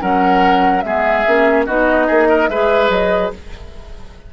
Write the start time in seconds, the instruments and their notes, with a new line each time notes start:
0.00 bassoon F#3, clarinet C#4, oboe A#4, flute F#5
0.82 bassoon G#3, clarinet B3, oboe G#4, flute E5
1.27 bassoon A#3, clarinet C#4
1.66 bassoon B3, clarinet D#4, oboe F#4, flute D#5
2.07 bassoon A#3, oboe G#4
2.29 oboe A#4
2.49 bassoon G#3, clarinet G#4, oboe B4, flute E5
2.89 bassoon F#3, flute D#5